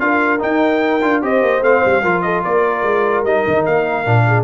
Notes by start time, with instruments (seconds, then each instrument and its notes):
0.00 tuba D4, trombone F4, horn A#4, trumpet F5
0.39 trombone D#4, tuba D#4, trumpet G5
1.02 tuba D4, trombone F4
1.22 tuba C4, trombone G4, horn C5, trumpet D#5
1.42 tuba A#3
1.61 tuba A3, trombone C4, trumpet F5
1.85 tuba G3
2.02 tuba F3, trombone F4, horn A#4
2.22 horn A4, trumpet D#5
2.43 tuba A#3, horn A#4, trumpet D5
2.83 tuba G#3
3.24 tuba G3, trombone D#4, trumpet D#5
3.47 tuba D#3
3.66 tuba A#3, trumpet F5
4.05 tuba A#2, trombone D4
4.27 horn G#4